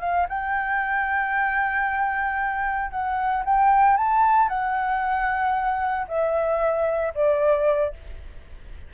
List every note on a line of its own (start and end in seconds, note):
0.00 0.26 F5
0.28 2.91 G5
2.91 3.43 F#5
3.44 3.97 G5
3.97 4.48 A5
4.48 6.06 F#5
6.07 7.13 E5
7.14 7.93 D5